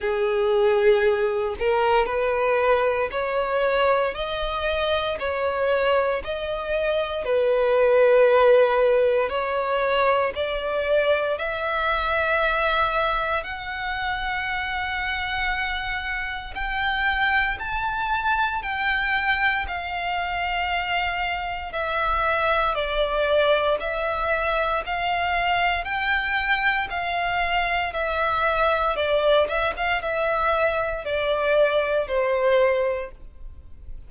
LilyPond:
\new Staff \with { instrumentName = "violin" } { \time 4/4 \tempo 4 = 58 gis'4. ais'8 b'4 cis''4 | dis''4 cis''4 dis''4 b'4~ | b'4 cis''4 d''4 e''4~ | e''4 fis''2. |
g''4 a''4 g''4 f''4~ | f''4 e''4 d''4 e''4 | f''4 g''4 f''4 e''4 | d''8 e''16 f''16 e''4 d''4 c''4 | }